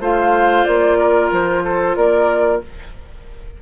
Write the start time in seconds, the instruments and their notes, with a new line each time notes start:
0.00 bassoon A3, clarinet F4, oboe C5, flute F5
0.65 bassoon A#3, flute D5
0.99 oboe A#4
1.32 bassoon F3, flute C5
1.64 oboe A4
1.96 bassoon A#3, oboe A#4, flute D5